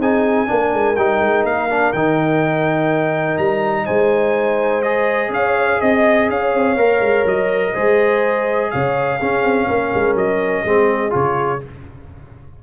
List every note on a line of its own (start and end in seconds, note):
0.00 0.48 C4
0.00 0.47 D#4
0.00 0.48 G#4
0.00 0.96 G#5
0.47 0.74 A#3
0.47 0.96 D4
0.47 3.86 A#4
0.74 0.97 G#3
0.96 1.21 G3
0.96 1.70 D#4
0.96 1.45 G5
1.21 1.44 G#3
1.44 1.93 A#3
1.44 1.93 F5
1.70 1.94 D4
1.93 3.39 D#3
1.93 4.84 D#4
1.93 3.38 G5
3.38 3.87 G3
3.38 3.86 A#5
3.86 5.30 G#3
3.86 5.31 C5
3.86 4.83 G#5
4.83 6.78 G#4
4.83 5.31 D#5
5.30 5.78 C#4
5.30 5.80 C#5
5.30 5.82 F5
5.81 6.30 C4
5.81 6.29 D#5
5.81 6.30 D#5
6.30 6.54 C#4
6.30 7.74 C#5
6.30 7.28 F5
6.54 6.77 C4
6.77 7.01 A#3
6.77 7.74 A#4
7.01 7.25 G#3
7.26 7.74 F#3
7.26 8.71 D#5
7.74 8.73 G#3
7.74 9.20 G#4
7.74 8.71 C5
8.71 9.22 C#3
8.71 9.19 C#5
8.71 10.16 F5
9.19 9.44 C#4
9.19 10.67 C#4
9.19 9.68 G#4
9.44 9.68 C4
9.68 9.92 A#3
9.68 10.66 A#4
9.95 10.15 G#3
10.15 10.64 F#3
10.15 11.14 D#5
10.65 11.14 G#3
10.65 11.10 C4
10.65 11.63 G#4
11.10 11.63 C#3
11.10 11.59 F4
11.10 11.64 C#5